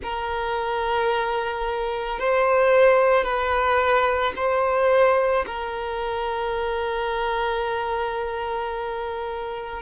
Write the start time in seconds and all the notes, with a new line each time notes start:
0.02 A#4
2.19 C5
3.23 B4
4.36 C5
5.46 A#4